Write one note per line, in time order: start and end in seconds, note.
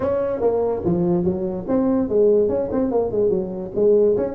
0.00 0.40 C#4
0.40 0.82 A#3
0.84 1.24 F3
1.24 1.65 F#3
1.67 2.08 C4
2.08 2.48 G#3
2.48 2.69 C#4
2.71 2.91 C4
2.91 3.11 A#3
3.11 3.29 G#3
3.29 3.71 F#3
3.75 4.16 G#3
4.16 4.34 C#4